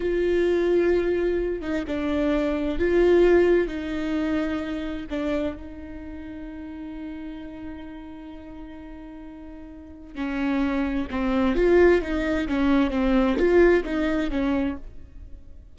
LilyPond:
\new Staff \with { instrumentName = "viola" } { \time 4/4 \tempo 4 = 130 f'2.~ f'8 dis'8 | d'2 f'2 | dis'2. d'4 | dis'1~ |
dis'1~ | dis'2 cis'2 | c'4 f'4 dis'4 cis'4 | c'4 f'4 dis'4 cis'4 | }